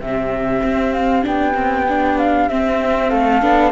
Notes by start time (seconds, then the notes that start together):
0.00 C3 C4 G4 E5
0.63 C4
0.94 F5
1.23 B3 D4 G5
1.55 C4
1.89 D4
2.18 F5
2.49 C4 E5
3.10 A3 A4 F5
3.41 B3 D4